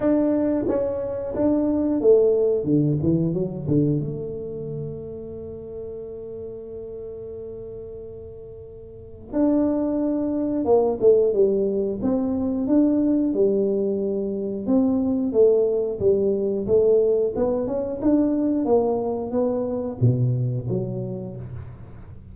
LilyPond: \new Staff \with { instrumentName = "tuba" } { \time 4/4 \tempo 4 = 90 d'4 cis'4 d'4 a4 | d8 e8 fis8 d8 a2~ | a1~ | a2 d'2 |
ais8 a8 g4 c'4 d'4 | g2 c'4 a4 | g4 a4 b8 cis'8 d'4 | ais4 b4 b,4 fis4 | }